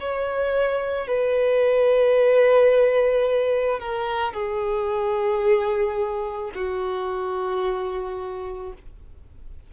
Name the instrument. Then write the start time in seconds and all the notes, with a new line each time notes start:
violin
0.00 C#5
1.08 B4
3.80 A#4
4.33 G#4
6.55 F#4